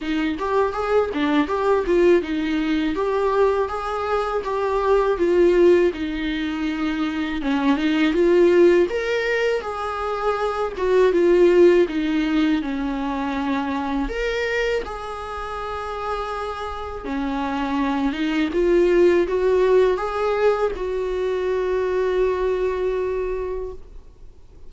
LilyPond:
\new Staff \with { instrumentName = "viola" } { \time 4/4 \tempo 4 = 81 dis'8 g'8 gis'8 d'8 g'8 f'8 dis'4 | g'4 gis'4 g'4 f'4 | dis'2 cis'8 dis'8 f'4 | ais'4 gis'4. fis'8 f'4 |
dis'4 cis'2 ais'4 | gis'2. cis'4~ | cis'8 dis'8 f'4 fis'4 gis'4 | fis'1 | }